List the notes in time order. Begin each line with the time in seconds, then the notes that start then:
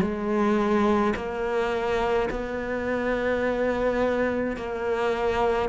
0.00 G#3
1.15 A#3
2.30 B3
4.56 A#3